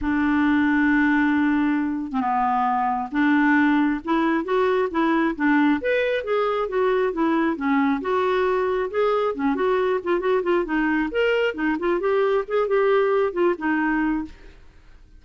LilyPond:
\new Staff \with { instrumentName = "clarinet" } { \time 4/4 \tempo 4 = 135 d'1~ | d'8. c'16 b2 d'4~ | d'4 e'4 fis'4 e'4 | d'4 b'4 gis'4 fis'4 |
e'4 cis'4 fis'2 | gis'4 cis'8 fis'4 f'8 fis'8 f'8 | dis'4 ais'4 dis'8 f'8 g'4 | gis'8 g'4. f'8 dis'4. | }